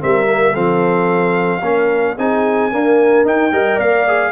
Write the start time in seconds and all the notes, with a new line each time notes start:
0.00 G3 C4 A#4 E5
0.26 A#3
0.52 F3 C4 A4 F5
1.61 A#3 C#4 A#4
2.18 C4 D#4 G#4 G#5
2.72 A#3 D4 A#4
3.24 D#4 G5
3.52 G3 A#4 D#5
3.76 A#3 D5 F5
4.07 G#4